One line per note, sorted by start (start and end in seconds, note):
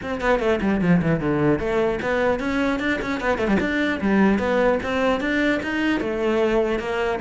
0.02 0.20 C4
0.20 0.39 B3
0.39 0.59 A3
0.61 0.81 G3
0.81 1.01 F3
1.02 1.20 E3
1.20 1.59 D3
1.59 1.99 A3
2.02 2.39 B3
2.39 2.79 C#4
2.79 2.99 D4
3.01 3.20 C#4
3.20 3.37 B3
3.37 3.47 A3
3.47 3.57 G3
3.60 4.00 D4
4.00 4.38 G3
4.38 4.78 B3
4.82 5.20 C4
5.20 5.60 D4
5.62 6.00 D#4
6.00 6.79 A3
6.79 7.19 A#3